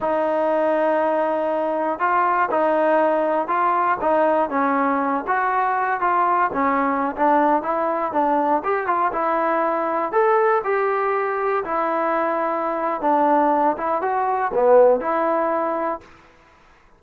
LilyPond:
\new Staff \with { instrumentName = "trombone" } { \time 4/4 \tempo 4 = 120 dis'1 | f'4 dis'2 f'4 | dis'4 cis'4. fis'4. | f'4 cis'4~ cis'16 d'4 e'8.~ |
e'16 d'4 g'8 f'8 e'4.~ e'16~ | e'16 a'4 g'2 e'8.~ | e'2 d'4. e'8 | fis'4 b4 e'2 | }